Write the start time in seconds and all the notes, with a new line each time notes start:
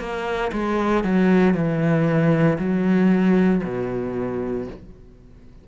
0.00 A#3
0.53 G#3
1.04 F#3
1.55 E3
2.59 F#3
3.64 B2